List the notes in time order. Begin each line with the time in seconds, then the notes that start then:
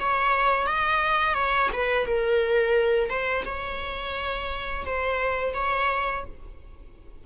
0.00 C#5
0.67 D#5
1.35 C#5
1.73 B4
2.06 A#4
3.10 C5
3.46 C#5
4.86 C5
5.55 C#5